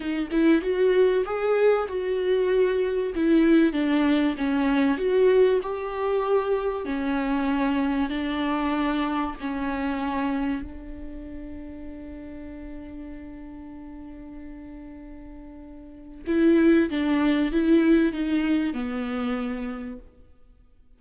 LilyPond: \new Staff \with { instrumentName = "viola" } { \time 4/4 \tempo 4 = 96 dis'8 e'8 fis'4 gis'4 fis'4~ | fis'4 e'4 d'4 cis'4 | fis'4 g'2 cis'4~ | cis'4 d'2 cis'4~ |
cis'4 d'2.~ | d'1~ | d'2 e'4 d'4 | e'4 dis'4 b2 | }